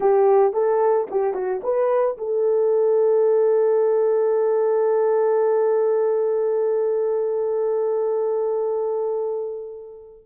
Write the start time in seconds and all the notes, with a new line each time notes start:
0.00 G4
0.53 A4
1.10 G4
1.34 F#4
1.63 B4
2.17 A4